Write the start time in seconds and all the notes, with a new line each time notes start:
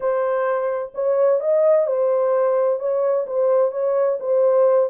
0.00 C5
0.94 C#5
1.40 D#5
1.86 C5
2.79 C#5
3.26 C5
3.71 C#5
4.20 C5